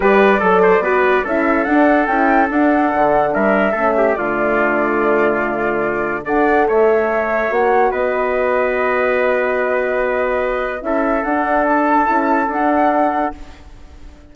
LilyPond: <<
  \new Staff \with { instrumentName = "flute" } { \time 4/4 \tempo 4 = 144 d''2. e''4 | fis''4 g''4 fis''2 | e''2 d''2~ | d''2. fis''4 |
e''2 fis''4 dis''4~ | dis''1~ | dis''2 e''4 fis''4 | a''2 fis''2 | }
  \new Staff \with { instrumentName = "trumpet" } { \time 4/4 b'4 a'8 c''8 b'4 a'4~ | a'1 | ais'4 a'8 g'8 f'2~ | f'2. d''4 |
cis''2. b'4~ | b'1~ | b'2 a'2~ | a'1 | }
  \new Staff \with { instrumentName = "horn" } { \time 4/4 g'4 a'4 fis'4 e'4 | d'4 e'4 d'2~ | d'4 cis'4 a2~ | a2. a'4~ |
a'2 fis'2~ | fis'1~ | fis'2 e'4 d'4~ | d'4 e'4 d'2 | }
  \new Staff \with { instrumentName = "bassoon" } { \time 4/4 g4 fis4 b4 cis'4 | d'4 cis'4 d'4 d4 | g4 a4 d2~ | d2. d'4 |
a2 ais4 b4~ | b1~ | b2 cis'4 d'4~ | d'4 cis'4 d'2 | }
>>